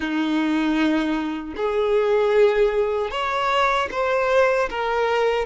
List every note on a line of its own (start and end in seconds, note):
0.00 1.54 D#4
1.56 3.11 G#4
3.11 3.89 C#5
3.91 4.69 C5
4.70 5.45 A#4